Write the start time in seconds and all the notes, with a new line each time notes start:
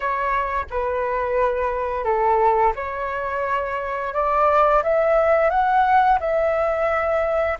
0.00 C#5
0.70 B4
2.04 A4
2.75 C#5
4.13 D5
4.83 E5
5.50 F#5
6.19 E5